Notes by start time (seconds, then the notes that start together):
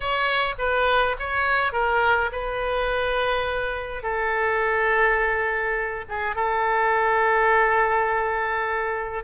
0.00 C#5
0.58 B4
1.19 C#5
1.72 A#4
2.32 B4
4.03 A4
6.08 G#4
6.35 A4